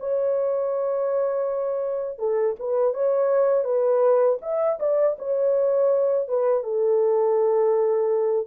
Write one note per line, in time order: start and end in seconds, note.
0.00 2.19 C#5
2.19 2.56 A4
2.60 2.94 B4
2.94 3.64 C#5
3.64 4.38 B4
4.42 4.79 E5
4.80 5.17 D5
5.19 6.28 C#5
6.28 6.63 B4
6.63 8.47 A4